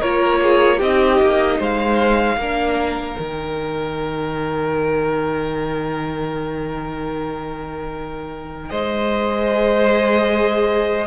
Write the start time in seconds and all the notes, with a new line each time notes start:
0.00 A#3 F4 A#4 C#5
0.43 G#4
0.77 C4 D#4 G4 D#5
1.21 A#3
1.58 G#3 C5 F5
2.37 A#3 D4 A#4
3.19 D#3 D#4 G5
8.70 G#3 C5 D#5
9.51 G#4